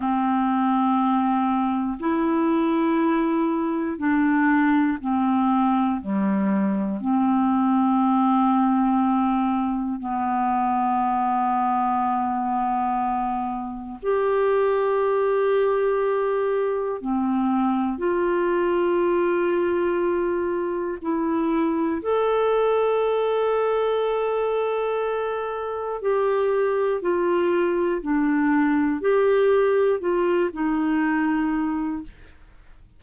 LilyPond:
\new Staff \with { instrumentName = "clarinet" } { \time 4/4 \tempo 4 = 60 c'2 e'2 | d'4 c'4 g4 c'4~ | c'2 b2~ | b2 g'2~ |
g'4 c'4 f'2~ | f'4 e'4 a'2~ | a'2 g'4 f'4 | d'4 g'4 f'8 dis'4. | }